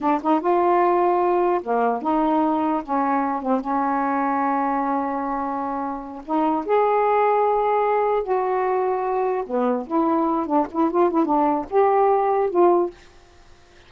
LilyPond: \new Staff \with { instrumentName = "saxophone" } { \time 4/4 \tempo 4 = 149 d'8 dis'8 f'2. | ais4 dis'2 cis'4~ | cis'8 c'8 cis'2.~ | cis'2.~ cis'8 dis'8~ |
dis'8 gis'2.~ gis'8~ | gis'8 fis'2. b8~ | b8 e'4. d'8 e'8 f'8 e'8 | d'4 g'2 f'4 | }